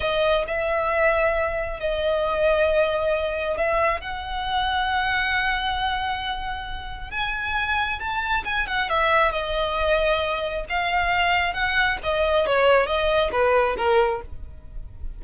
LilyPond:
\new Staff \with { instrumentName = "violin" } { \time 4/4 \tempo 4 = 135 dis''4 e''2. | dis''1 | e''4 fis''2.~ | fis''1 |
gis''2 a''4 gis''8 fis''8 | e''4 dis''2. | f''2 fis''4 dis''4 | cis''4 dis''4 b'4 ais'4 | }